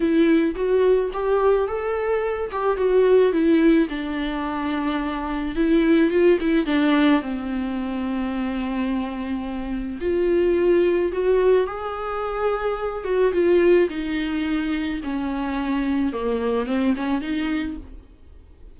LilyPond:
\new Staff \with { instrumentName = "viola" } { \time 4/4 \tempo 4 = 108 e'4 fis'4 g'4 a'4~ | a'8 g'8 fis'4 e'4 d'4~ | d'2 e'4 f'8 e'8 | d'4 c'2.~ |
c'2 f'2 | fis'4 gis'2~ gis'8 fis'8 | f'4 dis'2 cis'4~ | cis'4 ais4 c'8 cis'8 dis'4 | }